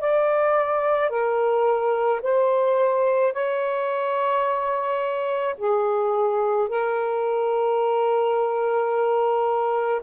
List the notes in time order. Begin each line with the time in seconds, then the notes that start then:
0.00 D5
1.10 A#4
2.22 C5
3.33 C#5
5.58 G#4
6.69 A#4